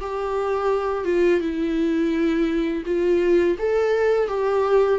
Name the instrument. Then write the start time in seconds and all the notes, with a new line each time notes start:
viola
0.00 G4
1.05 F4
1.40 E4
2.85 F4
3.58 A4
4.28 G4